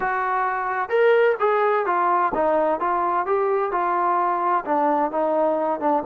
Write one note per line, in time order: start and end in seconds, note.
0.00 0.89 F#4
0.89 1.35 A#4
1.39 1.85 G#4
1.85 2.32 F4
2.34 2.80 D#4
2.80 3.26 F4
3.26 3.71 G4
3.71 4.64 F4
4.65 5.11 D4
5.11 5.79 D#4
5.79 6.03 D4